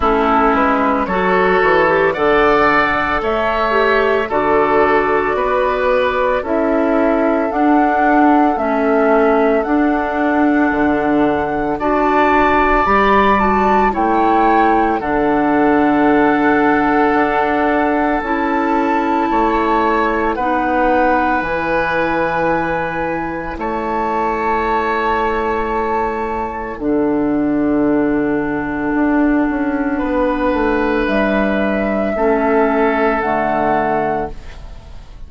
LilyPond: <<
  \new Staff \with { instrumentName = "flute" } { \time 4/4 \tempo 4 = 56 a'8 b'8 cis''4 fis''4 e''4 | d''2 e''4 fis''4 | e''4 fis''2 a''4 | b''8 a''8 g''4 fis''2~ |
fis''4 a''2 fis''4 | gis''2 a''2~ | a''4 fis''2.~ | fis''4 e''2 fis''4 | }
  \new Staff \with { instrumentName = "oboe" } { \time 4/4 e'4 a'4 d''4 cis''4 | a'4 b'4 a'2~ | a'2. d''4~ | d''4 cis''4 a'2~ |
a'2 cis''4 b'4~ | b'2 cis''2~ | cis''4 a'2. | b'2 a'2 | }
  \new Staff \with { instrumentName = "clarinet" } { \time 4/4 cis'4 fis'8. g'16 a'4. g'8 | fis'2 e'4 d'4 | cis'4 d'2 fis'4 | g'8 fis'8 e'4 d'2~ |
d'4 e'2 dis'4 | e'1~ | e'4 d'2.~ | d'2 cis'4 a4 | }
  \new Staff \with { instrumentName = "bassoon" } { \time 4/4 a8 gis8 fis8 e8 d4 a4 | d4 b4 cis'4 d'4 | a4 d'4 d4 d'4 | g4 a4 d2 |
d'4 cis'4 a4 b4 | e2 a2~ | a4 d2 d'8 cis'8 | b8 a8 g4 a4 d4 | }
>>